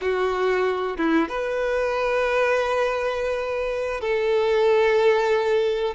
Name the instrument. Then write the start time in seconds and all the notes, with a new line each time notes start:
violin
0.01 F#4
0.97 E4
1.28 B4
4.01 A4